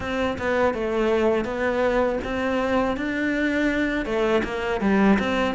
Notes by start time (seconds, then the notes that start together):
0.00 C4
0.38 B3
0.74 A3
1.44 B3
2.24 C4
2.96 D4
4.05 A3
4.44 A#3
4.80 G3
5.19 C4